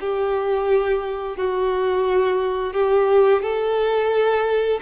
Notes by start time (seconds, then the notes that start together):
0.00 G4
1.37 F#4
2.73 G4
3.42 A4